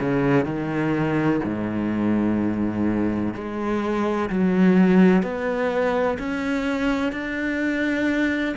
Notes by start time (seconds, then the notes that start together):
0.00 C#3
0.45 D#3
1.44 G#2
3.35 G#3
4.30 F#3
5.23 B3
6.19 C#4
7.13 D4